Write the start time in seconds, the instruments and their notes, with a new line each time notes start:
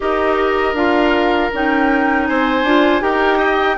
0.00 bassoon D#4, clarinet G4, oboe A#4, flute D#5
0.73 bassoon D4, clarinet F4, flute F5
1.53 bassoon C#4, clarinet D#4, flute G5
2.26 bassoon C4, oboe C5, flute G#5
2.63 bassoon D4, clarinet F4
3.00 bassoon D#4, clarinet G4, oboe A#4, flute G5
3.37 oboe D#5